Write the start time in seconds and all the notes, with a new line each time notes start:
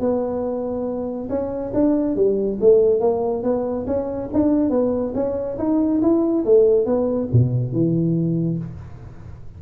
0.00 B3
1.29 C#4
1.74 D4
2.16 G3
2.61 A3
3.00 A#3
3.43 B3
3.86 C#4
4.33 D4
4.70 B3
5.15 C#4
5.58 D#4
6.02 E4
6.45 A3
6.86 B3
7.33 B2
7.73 E3